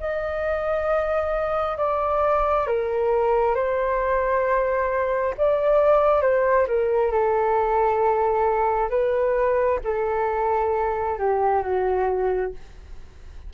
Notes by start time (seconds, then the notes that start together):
0.00 D#5
1.78 D5
2.67 A#4
3.55 C5
5.38 D5
6.22 C5
6.68 A#4
7.12 A4
8.90 B4
9.84 A4
11.19 G4
11.63 F#4